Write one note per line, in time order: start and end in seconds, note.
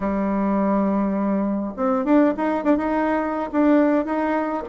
0.00 1.73 G3
1.76 2.04 C4
2.04 2.33 D4
2.36 2.63 D#4
2.63 2.77 D4
2.77 3.50 D#4
3.52 4.05 D4
4.05 4.63 D#4